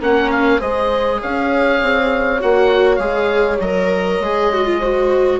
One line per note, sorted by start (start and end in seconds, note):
0.00 0.60 A#3
0.00 0.59 C#4
0.00 0.60 A#4
0.00 0.31 F#5
0.31 0.61 F5
0.59 1.21 G#3
0.59 2.40 G#4
0.59 1.20 C5
0.59 1.21 D#5
1.21 1.82 C#4
1.21 4.79 C#5
1.21 2.42 F5
1.82 2.42 C4
2.41 2.98 A#3
2.41 3.00 F#4
2.41 2.96 F#5
2.96 3.58 G#3
2.96 3.60 G#4
2.96 3.56 F5
3.60 4.20 F#3
3.60 4.23 A#4
3.60 5.40 D#5
4.20 5.40 G#3
4.20 4.54 G#4
4.54 4.65 F#4
4.65 4.80 F4
4.79 5.40 F#4
4.79 5.39 C5